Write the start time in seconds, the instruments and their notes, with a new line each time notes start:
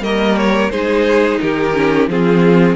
0.00 cello G3, viola A#3, violin A#4 D#5
0.36 violin C#5
0.70 cello G#3, viola D#4, violin G#4 C5
1.40 cello D#3, violin G4 A#4
1.74 viola C#4
2.08 cello F3, viola C4, violin F4 G#4